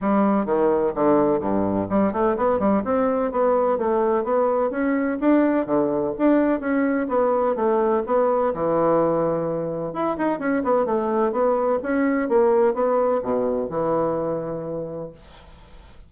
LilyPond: \new Staff \with { instrumentName = "bassoon" } { \time 4/4 \tempo 4 = 127 g4 dis4 d4 g,4 | g8 a8 b8 g8 c'4 b4 | a4 b4 cis'4 d'4 | d4 d'4 cis'4 b4 |
a4 b4 e2~ | e4 e'8 dis'8 cis'8 b8 a4 | b4 cis'4 ais4 b4 | b,4 e2. | }